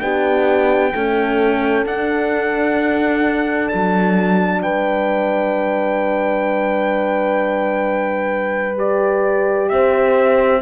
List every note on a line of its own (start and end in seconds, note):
0.00 0.94 B3
0.00 0.92 D4
0.00 0.94 G4
0.00 1.86 G5
0.92 1.84 A3
0.92 1.86 C#4
0.92 4.62 A4
1.86 3.71 D4
1.86 8.77 D4
1.86 3.69 F#5
3.69 4.66 F#3
3.69 4.61 A5
4.62 9.72 G3
4.62 9.70 B4
4.62 8.78 G5
8.77 10.61 G4
8.77 9.70 D5
9.70 10.63 C4
9.70 10.63 C5
9.70 10.62 E5